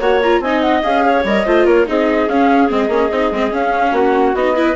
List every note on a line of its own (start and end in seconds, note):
0.00 0.40 A#3
0.00 0.21 F#4
0.00 0.42 C#5
0.00 0.21 F#5
0.22 0.45 F4
0.22 0.42 A#5
0.40 0.81 C4
0.40 0.83 D#4
0.40 1.05 D#5
0.40 0.62 G#5
0.62 0.83 F#5
0.83 1.24 C#4
0.83 1.24 G#4
0.83 1.25 F5
1.05 1.47 C#5
1.24 1.45 G3
1.24 1.46 A#4
1.24 1.66 D#5
1.46 1.65 A3
1.46 1.86 F4
1.46 1.66 C5
1.65 1.86 A#3
1.65 1.86 A#4
1.65 1.87 C#5
1.86 2.28 C4
1.86 2.27 D#4
1.86 3.92 G#4
1.86 2.29 D#5
2.28 2.69 C#4
2.28 2.70 F5
2.69 2.88 G#3
2.69 2.89 C4
2.69 3.54 D#5
2.88 3.09 A#3
2.88 3.10 C#4
3.11 3.31 C4
3.11 3.33 D#4
3.31 3.52 G#3
3.31 3.51 C4
3.51 4.33 C#4
3.51 3.92 C#4
3.51 3.95 F5
3.92 4.33 A#3
3.92 4.54 F#4
3.92 4.36 F#5
4.34 4.76 B3
4.34 4.56 D#4
4.34 4.76 D#5
4.56 4.76 E4
4.56 4.76 B4